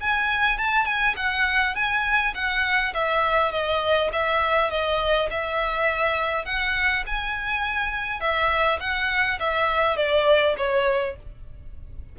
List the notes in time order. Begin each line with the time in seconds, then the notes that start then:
0.00 G#5
0.58 A5
0.85 G#5
1.16 F#5
1.75 G#5
2.34 F#5
2.94 E5
3.51 D#5
4.12 E5
4.70 D#5
5.30 E5
6.45 F#5
7.06 G#5
8.20 E5
8.80 F#5
9.40 E5
9.96 D5
10.57 C#5